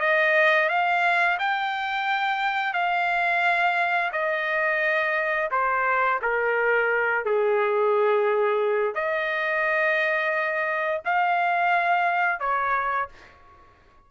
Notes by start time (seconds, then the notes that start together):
0.00 D#5
0.69 F5
1.39 G5
2.74 F5
4.12 D#5
5.51 C5
6.22 A#4
7.25 G#4
8.95 D#5
11.05 F5
12.40 C#5